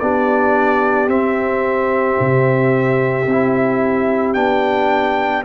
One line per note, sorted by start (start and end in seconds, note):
0.00 1.07 B3
0.00 1.08 D4
0.00 5.45 G4
0.00 1.09 D5
1.07 2.16 C4
1.07 3.26 C4
1.07 4.34 E5
2.20 3.27 C3
3.27 4.36 C4
3.27 4.35 E4
4.34 5.45 B3
4.34 5.44 D4
4.34 5.43 G5